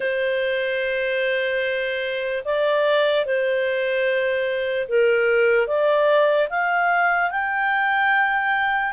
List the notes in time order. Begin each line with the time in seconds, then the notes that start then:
0.00 C5
2.44 D5
3.25 C5
4.88 A#4
5.67 D5
6.49 F5
7.30 G5